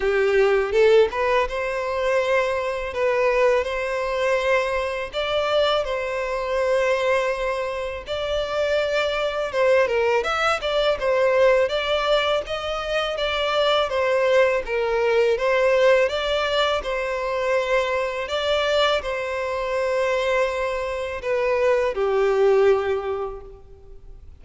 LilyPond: \new Staff \with { instrumentName = "violin" } { \time 4/4 \tempo 4 = 82 g'4 a'8 b'8 c''2 | b'4 c''2 d''4 | c''2. d''4~ | d''4 c''8 ais'8 e''8 d''8 c''4 |
d''4 dis''4 d''4 c''4 | ais'4 c''4 d''4 c''4~ | c''4 d''4 c''2~ | c''4 b'4 g'2 | }